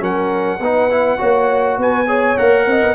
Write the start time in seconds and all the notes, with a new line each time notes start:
0.00 F#3 C#4 A#4 F#5
0.60 B3 D#4 B4
0.91 E4
1.18 A#3 F#4 C#5
1.78 B3 B4 G#5
2.07 G#4 C#5
2.37 A#3 A#4 F#5
2.67 C4 D#5
2.82 B3